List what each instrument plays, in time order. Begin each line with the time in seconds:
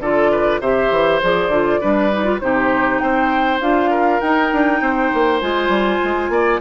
0.00 bassoon D3, clarinet F4, oboe A4, flute D5
0.32 oboe B4
0.60 bassoon C3, clarinet G4, oboe C5, flute E5
0.91 bassoon E3
1.22 bassoon F3, clarinet G#4, flute D5
1.49 bassoon D3, clarinet F4
1.80 bassoon G3, clarinet D4, oboe B4
2.12 clarinet D#4
2.24 clarinet F4
2.40 bassoon C3, clarinet D#4, oboe G4, flute C5
2.99 bassoon C4, oboe C5, flute G5
3.60 bassoon D4, clarinet F4, flute F5
3.90 oboe A#4
4.20 bassoon D#4, clarinet D#4, flute G5
4.52 bassoon D4
4.81 bassoon C4, oboe C5
5.14 bassoon A#3
5.41 bassoon G#3, clarinet F4, flute G#5
5.68 bassoon G3
6.04 bassoon G#3
6.29 bassoon A#3, oboe D5